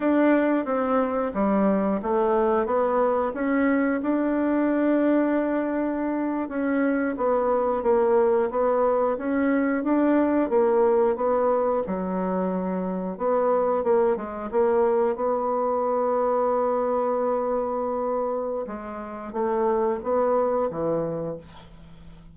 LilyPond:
\new Staff \with { instrumentName = "bassoon" } { \time 4/4 \tempo 4 = 90 d'4 c'4 g4 a4 | b4 cis'4 d'2~ | d'4.~ d'16 cis'4 b4 ais16~ | ais8. b4 cis'4 d'4 ais16~ |
ais8. b4 fis2 b16~ | b8. ais8 gis8 ais4 b4~ b16~ | b1 | gis4 a4 b4 e4 | }